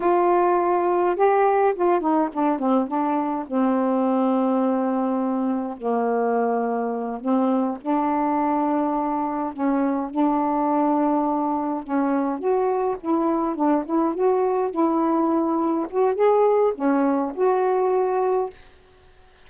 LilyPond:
\new Staff \with { instrumentName = "saxophone" } { \time 4/4 \tempo 4 = 104 f'2 g'4 f'8 dis'8 | d'8 c'8 d'4 c'2~ | c'2 ais2~ | ais8 c'4 d'2~ d'8~ |
d'8 cis'4 d'2~ d'8~ | d'8 cis'4 fis'4 e'4 d'8 | e'8 fis'4 e'2 fis'8 | gis'4 cis'4 fis'2 | }